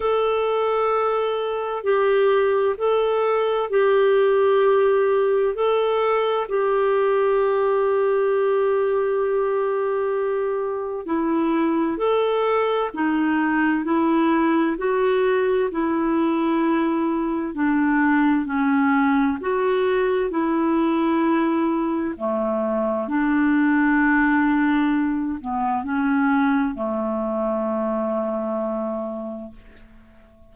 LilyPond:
\new Staff \with { instrumentName = "clarinet" } { \time 4/4 \tempo 4 = 65 a'2 g'4 a'4 | g'2 a'4 g'4~ | g'1 | e'4 a'4 dis'4 e'4 |
fis'4 e'2 d'4 | cis'4 fis'4 e'2 | a4 d'2~ d'8 b8 | cis'4 a2. | }